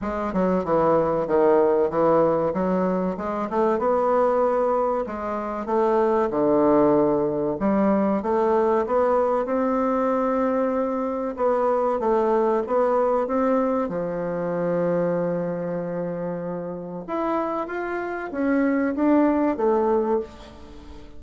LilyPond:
\new Staff \with { instrumentName = "bassoon" } { \time 4/4 \tempo 4 = 95 gis8 fis8 e4 dis4 e4 | fis4 gis8 a8 b2 | gis4 a4 d2 | g4 a4 b4 c'4~ |
c'2 b4 a4 | b4 c'4 f2~ | f2. e'4 | f'4 cis'4 d'4 a4 | }